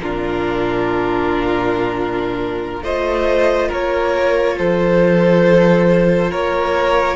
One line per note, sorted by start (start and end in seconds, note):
0.00 2.82 A#2
0.00 2.84 D4
0.00 2.84 F4
0.00 2.84 A#4
2.82 3.69 A3
2.82 7.16 F4
2.82 3.69 C5
2.82 3.71 D#5
3.69 4.59 A#3
3.69 4.56 A#4
3.69 4.58 C#5
4.58 6.33 F3
4.58 6.31 A4
4.58 6.32 C5
6.31 7.16 A#3
6.31 7.16 A#4
6.31 7.16 C#5